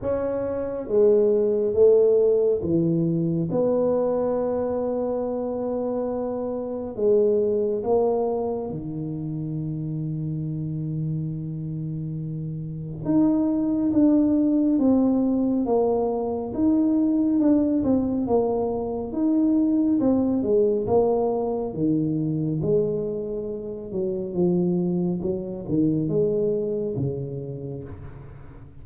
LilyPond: \new Staff \with { instrumentName = "tuba" } { \time 4/4 \tempo 4 = 69 cis'4 gis4 a4 e4 | b1 | gis4 ais4 dis2~ | dis2. dis'4 |
d'4 c'4 ais4 dis'4 | d'8 c'8 ais4 dis'4 c'8 gis8 | ais4 dis4 gis4. fis8 | f4 fis8 dis8 gis4 cis4 | }